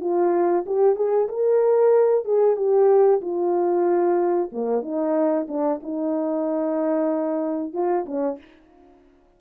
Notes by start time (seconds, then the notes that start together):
0.00 F4
0.66 G4
0.95 G#4
1.28 A#4
2.24 G#4
2.56 G4
3.21 F4
4.52 A#3
4.82 D#4
5.48 D4
5.83 D#4
7.73 F4
8.06 C#4